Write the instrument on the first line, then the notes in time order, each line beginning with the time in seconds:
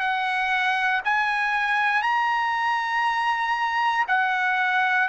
trumpet
0.00 F#5
1.05 G#5
2.02 A#5
4.08 F#5